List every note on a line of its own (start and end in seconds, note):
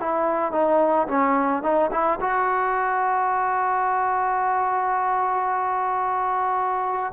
0.00 0.52 E4
0.52 1.07 D#4
1.08 1.63 C#4
1.63 1.90 D#4
1.92 2.19 E4
2.20 7.13 F#4